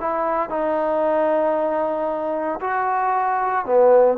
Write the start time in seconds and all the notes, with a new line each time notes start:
0.00 E4
0.49 D#4
2.61 F#4
3.66 B3